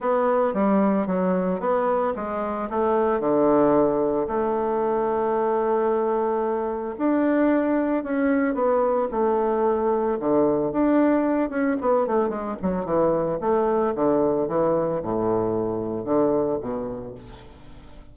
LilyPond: \new Staff \with { instrumentName = "bassoon" } { \time 4/4 \tempo 4 = 112 b4 g4 fis4 b4 | gis4 a4 d2 | a1~ | a4 d'2 cis'4 |
b4 a2 d4 | d'4. cis'8 b8 a8 gis8 fis8 | e4 a4 d4 e4 | a,2 d4 b,4 | }